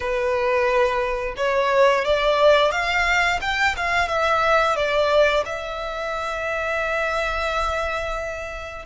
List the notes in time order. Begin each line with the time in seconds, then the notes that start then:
0.00 B4
1.36 C#5
2.05 D5
2.71 F5
3.41 G5
3.76 F5
4.08 E5
4.75 D5
5.45 E5